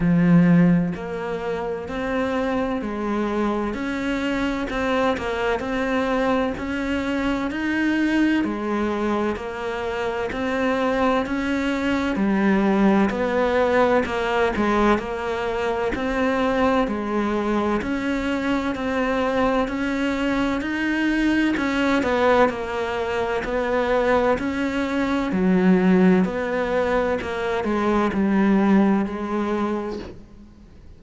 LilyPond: \new Staff \with { instrumentName = "cello" } { \time 4/4 \tempo 4 = 64 f4 ais4 c'4 gis4 | cis'4 c'8 ais8 c'4 cis'4 | dis'4 gis4 ais4 c'4 | cis'4 g4 b4 ais8 gis8 |
ais4 c'4 gis4 cis'4 | c'4 cis'4 dis'4 cis'8 b8 | ais4 b4 cis'4 fis4 | b4 ais8 gis8 g4 gis4 | }